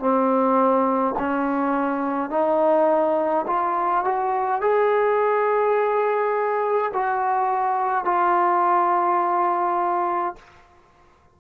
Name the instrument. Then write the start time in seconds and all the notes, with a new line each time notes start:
trombone
0.00 C4
1.19 C#4
2.30 D#4
3.47 F4
4.05 F#4
4.62 G#4
6.94 F#4
8.05 F4